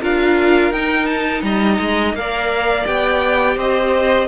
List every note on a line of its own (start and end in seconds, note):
0.00 0.70 D4
0.00 0.73 F4
0.00 1.43 A#4
0.00 0.72 F5
0.70 1.42 D#4
0.70 2.16 D#4
0.70 1.06 G5
1.06 1.41 A5
1.42 1.78 G3
1.42 2.17 D#5
1.42 2.14 A#5
1.79 2.13 G#3
2.13 2.85 A#3
2.13 2.85 A#4
2.13 3.56 D5
2.13 2.86 F5
2.85 3.56 B3
2.85 4.28 G4
2.85 3.57 G5
3.56 4.27 C4
3.56 4.27 C5
3.56 4.28 D#5